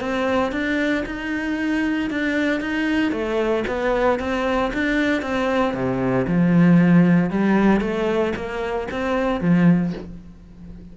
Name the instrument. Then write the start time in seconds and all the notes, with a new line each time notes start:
cello
0.00 C4
0.52 D4
1.06 D#4
2.10 D4
2.60 D#4
3.12 A3
3.67 B3
4.19 C4
4.73 D4
5.22 C4
5.74 C3
6.27 F3
7.30 G3
7.80 A3
8.35 A#3
8.91 C4
9.41 F3